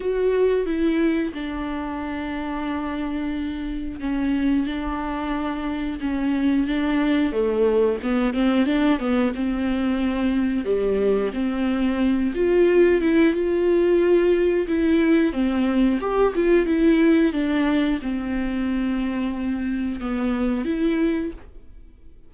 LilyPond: \new Staff \with { instrumentName = "viola" } { \time 4/4 \tempo 4 = 90 fis'4 e'4 d'2~ | d'2 cis'4 d'4~ | d'4 cis'4 d'4 a4 | b8 c'8 d'8 b8 c'2 |
g4 c'4. f'4 e'8 | f'2 e'4 c'4 | g'8 f'8 e'4 d'4 c'4~ | c'2 b4 e'4 | }